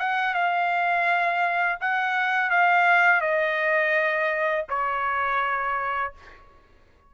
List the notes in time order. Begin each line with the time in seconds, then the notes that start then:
0.00 F#5
0.35 F5
1.81 F#5
2.51 F5
3.21 D#5
4.69 C#5